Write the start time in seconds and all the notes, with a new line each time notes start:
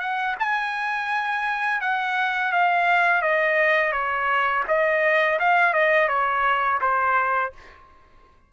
0.00 F#5
0.40 G#5
1.81 F#5
2.52 F5
3.22 D#5
3.93 C#5
4.68 D#5
5.40 F5
5.74 D#5
6.08 C#5
6.81 C5